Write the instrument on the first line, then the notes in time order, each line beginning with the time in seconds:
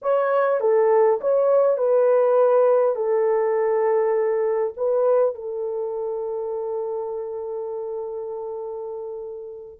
horn
0.02 C#5
0.60 A4
1.20 C#5
1.77 B4
2.95 A4
4.76 B4
5.35 A4